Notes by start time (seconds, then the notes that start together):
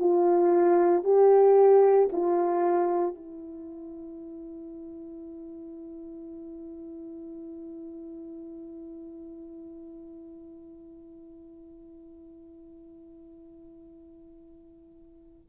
0.00 F4
1.04 G4
2.12 F4
3.15 E4